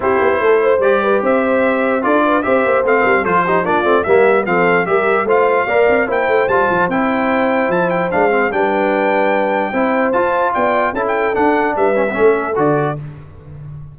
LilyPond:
<<
  \new Staff \with { instrumentName = "trumpet" } { \time 4/4 \tempo 4 = 148 c''2 d''4 e''4~ | e''4 d''4 e''4 f''4 | c''4 d''4 e''4 f''4 | e''4 f''2 g''4 |
a''4 g''2 a''8 g''8 | f''4 g''2.~ | g''4 a''4 g''4 a''16 g''8. | fis''4 e''2 d''4 | }
  \new Staff \with { instrumentName = "horn" } { \time 4/4 g'4 a'8 c''4 b'8 c''4~ | c''4 a'8 b'8 c''4. ais'8 | a'8 g'8 f'4 g'4 a'4 | ais'4 c''4 d''4 c''4~ |
c''1~ | c''4 b'2. | c''2 d''4 a'4~ | a'4 b'4 a'2 | }
  \new Staff \with { instrumentName = "trombone" } { \time 4/4 e'2 g'2~ | g'4 f'4 g'4 c'4 | f'8 dis'8 d'8 c'8 ais4 c'4 | g'4 f'4 ais'4 e'4 |
f'4 e'2. | d'8 c'8 d'2. | e'4 f'2 e'4 | d'4. cis'16 b16 cis'4 fis'4 | }
  \new Staff \with { instrumentName = "tuba" } { \time 4/4 c'8 b8 a4 g4 c'4~ | c'4 d'4 c'8 ais8 a8 g8 | f4 ais8 a8 g4 f4 | g4 a4 ais8 c'8 ais8 a8 |
g8 f8 c'2 f4 | gis4 g2. | c'4 f'4 b4 cis'4 | d'4 g4 a4 d4 | }
>>